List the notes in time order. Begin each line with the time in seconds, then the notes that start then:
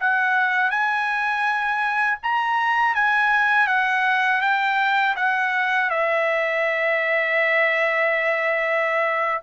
0.00 F#5
0.70 G#5
2.23 A#5
2.95 G#5
3.67 F#5
4.41 G5
5.16 F#5
5.90 E5